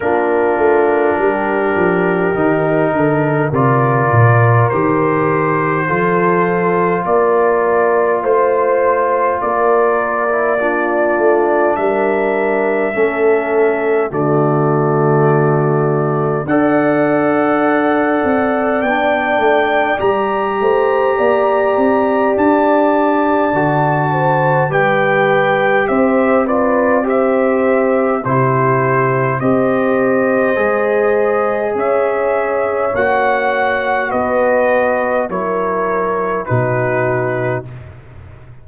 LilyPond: <<
  \new Staff \with { instrumentName = "trumpet" } { \time 4/4 \tempo 4 = 51 ais'2. d''4 | c''2 d''4 c''4 | d''2 e''2 | d''2 fis''2 |
g''4 ais''2 a''4~ | a''4 g''4 e''8 d''8 e''4 | c''4 dis''2 e''4 | fis''4 dis''4 cis''4 b'4 | }
  \new Staff \with { instrumentName = "horn" } { \time 4/4 f'4 g'4. a'8 ais'4~ | ais'4 a'4 ais'4 c''4 | ais'4 f'4 ais'4 a'4 | fis'2 d''2~ |
d''4. c''8 d''2~ | d''8 c''8 b'4 c''8 b'8 c''4 | g'4 c''2 cis''4~ | cis''4 b'4 ais'4 fis'4 | }
  \new Staff \with { instrumentName = "trombone" } { \time 4/4 d'2 dis'4 f'4 | g'4 f'2.~ | f'8. e'16 d'2 cis'4 | a2 a'2 |
d'4 g'2. | fis'4 g'4. f'8 g'4 | e'4 g'4 gis'2 | fis'2 e'4 dis'4 | }
  \new Staff \with { instrumentName = "tuba" } { \time 4/4 ais8 a8 g8 f8 dis8 d8 c8 ais,8 | dis4 f4 ais4 a4 | ais4. a8 g4 a4 | d2 d'4. c'8 |
b8 a8 g8 a8 ais8 c'8 d'4 | d4 g4 c'2 | c4 c'4 gis4 cis'4 | ais4 b4 fis4 b,4 | }
>>